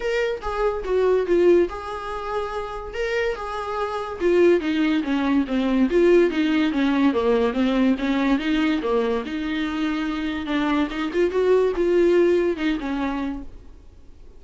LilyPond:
\new Staff \with { instrumentName = "viola" } { \time 4/4 \tempo 4 = 143 ais'4 gis'4 fis'4 f'4 | gis'2. ais'4 | gis'2 f'4 dis'4 | cis'4 c'4 f'4 dis'4 |
cis'4 ais4 c'4 cis'4 | dis'4 ais4 dis'2~ | dis'4 d'4 dis'8 f'8 fis'4 | f'2 dis'8 cis'4. | }